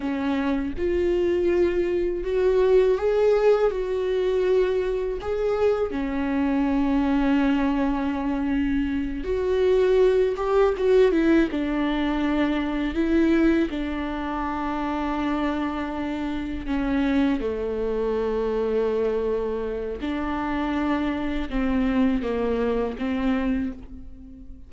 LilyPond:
\new Staff \with { instrumentName = "viola" } { \time 4/4 \tempo 4 = 81 cis'4 f'2 fis'4 | gis'4 fis'2 gis'4 | cis'1~ | cis'8 fis'4. g'8 fis'8 e'8 d'8~ |
d'4. e'4 d'4.~ | d'2~ d'8 cis'4 a8~ | a2. d'4~ | d'4 c'4 ais4 c'4 | }